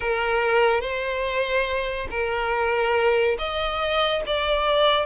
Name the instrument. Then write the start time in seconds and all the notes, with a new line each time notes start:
violin
0.00 A#4
0.80 C5
2.10 A#4
3.38 D#5
4.26 D5